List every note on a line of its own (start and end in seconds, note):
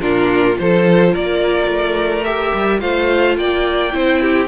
0.00 0.58 A#2
0.00 0.53 D4
0.00 0.56 F4
0.00 0.57 A#4
0.53 1.15 F3
0.53 2.21 F4
0.53 1.14 C5
0.61 1.12 A4
1.12 1.67 A#3
1.12 2.80 A#4
1.12 2.23 D5
1.67 2.51 A3
2.23 2.79 G4
2.23 2.80 E5
2.54 2.81 G3
2.79 3.37 A3
2.79 3.91 F4
2.79 3.37 C5
2.79 3.36 F5
3.37 3.93 A#3
3.37 3.94 D5
3.37 4.48 G5
3.91 4.48 C4
3.91 4.47 E4
3.91 4.21 C5
4.21 4.48 G4